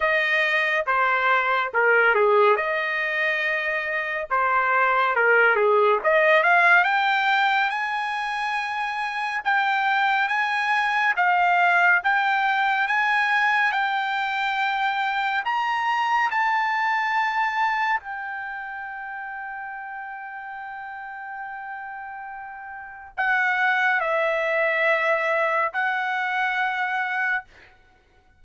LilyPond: \new Staff \with { instrumentName = "trumpet" } { \time 4/4 \tempo 4 = 70 dis''4 c''4 ais'8 gis'8 dis''4~ | dis''4 c''4 ais'8 gis'8 dis''8 f''8 | g''4 gis''2 g''4 | gis''4 f''4 g''4 gis''4 |
g''2 ais''4 a''4~ | a''4 g''2.~ | g''2. fis''4 | e''2 fis''2 | }